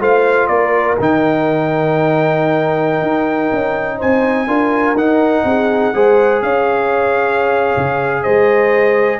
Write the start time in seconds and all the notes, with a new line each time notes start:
0.00 A3 F4 C5 F5
0.47 A#3 A#4 D5
0.99 D#3 D#4 G5
3.02 D#4
3.53 C#4
3.97 C4 C5 G#5
4.47 D4 F4 A#4
4.94 D#4 F#5
5.44 C4 G#4
5.94 G#3 G#4 C5
6.42 C#4 C#5 F5
7.76 C#3
8.23 G#3 C5 D#5